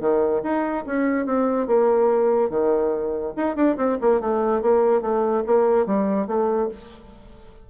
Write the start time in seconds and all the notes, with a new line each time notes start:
0.00 D#3
0.43 D#4
0.86 C#4
1.26 C4
1.67 A#3
2.49 D#3
3.36 D#4
3.55 D4
3.77 C4
4.01 A#3
4.20 A3
4.62 A#3
5.01 A3
5.46 A#3
5.86 G3
6.27 A3